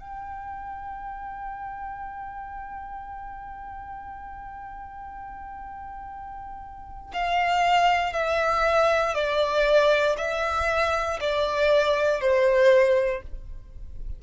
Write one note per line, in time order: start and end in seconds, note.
0.00 7.12 G5
7.13 8.13 F5
8.13 9.14 E5
9.14 10.16 D5
10.17 11.19 E5
11.20 12.21 D5
12.21 13.22 C5